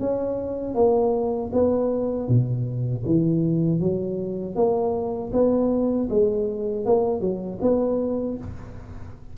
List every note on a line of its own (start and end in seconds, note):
0.00 0.75 C#4
0.75 1.51 A#3
1.53 2.29 B3
2.29 3.04 B2
3.06 3.80 E3
3.80 4.56 F#3
4.56 5.32 A#3
5.33 6.09 B3
6.10 6.86 G#3
6.86 7.21 A#3
7.21 7.59 F#3
7.62 8.38 B3